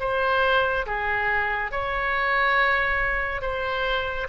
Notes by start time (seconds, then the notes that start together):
0.00 C5
0.86 G#4
1.71 C#5
3.42 C5